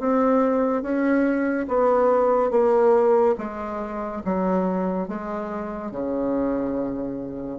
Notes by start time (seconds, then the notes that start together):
0.00 C4
0.83 C#4
1.69 B3
2.51 A#3
3.38 G#3
4.25 F#3
5.08 G#3
5.92 C#3